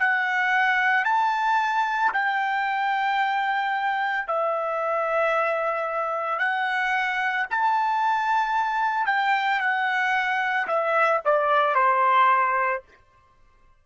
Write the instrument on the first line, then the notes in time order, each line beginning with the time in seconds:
trumpet
0.00 F#5
1.05 A5
2.13 G5
4.28 E5
6.39 F#5
7.50 A5
9.06 G5
9.60 F#5
10.68 E5
11.25 D5
11.75 C5